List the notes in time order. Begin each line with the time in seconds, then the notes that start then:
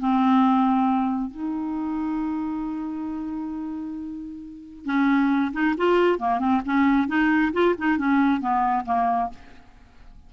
0.00 C4
1.31 D#4
4.86 C#4
5.53 D#4
5.78 F4
6.20 A#3
6.40 C4
6.66 C#4
7.08 D#4
7.53 F4
7.79 D#4
7.98 C#4
8.41 B3
8.86 A#3